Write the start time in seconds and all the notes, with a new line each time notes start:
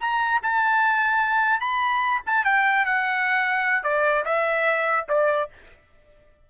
0.00 A#5
0.42 A5
1.60 B5
2.26 A5
2.44 G5
2.85 F#5
3.83 D5
4.25 E5
5.08 D5